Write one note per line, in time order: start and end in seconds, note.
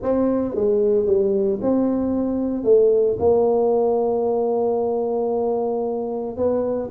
0.02 0.54 C4
0.54 1.06 G#3
1.06 1.59 G3
1.61 2.64 C4
2.64 3.17 A3
3.19 6.36 A#3
6.36 6.89 B3